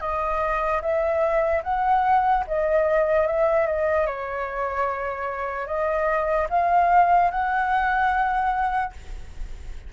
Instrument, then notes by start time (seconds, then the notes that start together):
flute
0.00 D#5
0.81 E5
1.63 F#5
2.47 D#5
3.27 E5
3.66 D#5
4.06 C#5
5.66 D#5
6.49 F5
7.30 F#5